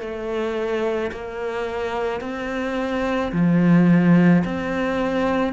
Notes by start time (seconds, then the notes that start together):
0.00 A3
1.12 A#3
2.21 C4
3.32 F3
4.44 C4